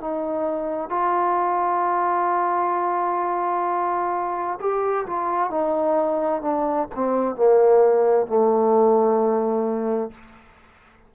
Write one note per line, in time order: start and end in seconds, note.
0.00 0.89 D#4
0.89 4.59 F4
4.60 5.06 G4
5.06 5.50 F4
5.50 6.42 D#4
6.42 6.88 D4
6.95 7.36 C4
7.36 8.27 A#3
8.27 10.11 A3